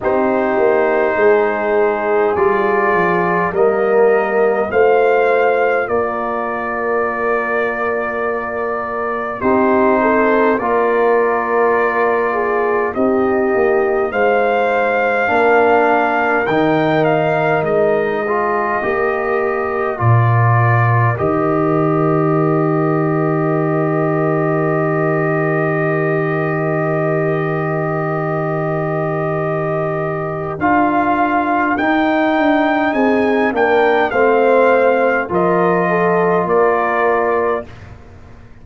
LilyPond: <<
  \new Staff \with { instrumentName = "trumpet" } { \time 4/4 \tempo 4 = 51 c''2 d''4 dis''4 | f''4 d''2. | c''4 d''2 dis''4 | f''2 g''8 f''8 dis''4~ |
dis''4 d''4 dis''2~ | dis''1~ | dis''2 f''4 g''4 | gis''8 g''8 f''4 dis''4 d''4 | }
  \new Staff \with { instrumentName = "horn" } { \time 4/4 g'4 gis'2 ais'4 | c''4 ais'2. | g'8 a'8 ais'4. gis'8 g'4 | c''4 ais'2~ ais'8 gis'8 |
ais'1~ | ais'1~ | ais'1 | gis'8 ais'8 c''4 ais'8 a'8 ais'4 | }
  \new Staff \with { instrumentName = "trombone" } { \time 4/4 dis'2 f'4 ais4 | f'1 | dis'4 f'2 dis'4~ | dis'4 d'4 dis'4. f'8 |
g'4 f'4 g'2~ | g'1~ | g'2 f'4 dis'4~ | dis'8 d'8 c'4 f'2 | }
  \new Staff \with { instrumentName = "tuba" } { \time 4/4 c'8 ais8 gis4 g8 f8 g4 | a4 ais2. | c'4 ais2 c'8 ais8 | gis4 ais4 dis4 gis4 |
ais4 ais,4 dis2~ | dis1~ | dis2 d'4 dis'8 d'8 | c'8 ais8 a4 f4 ais4 | }
>>